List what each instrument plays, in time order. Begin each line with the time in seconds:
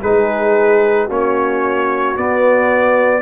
0.00 tuba G#3, trombone D#4, horn G#4, trumpet B4
1.05 tuba A#3, trombone C#4, horn F#4, trumpet C#5
2.16 trombone B3, tuba B3, trumpet D5